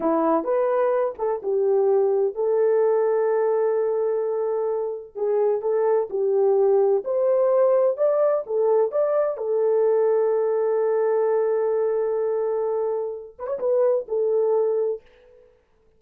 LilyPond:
\new Staff \with { instrumentName = "horn" } { \time 4/4 \tempo 4 = 128 e'4 b'4. a'8 g'4~ | g'4 a'2.~ | a'2. gis'4 | a'4 g'2 c''4~ |
c''4 d''4 a'4 d''4 | a'1~ | a'1~ | a'8 b'16 cis''16 b'4 a'2 | }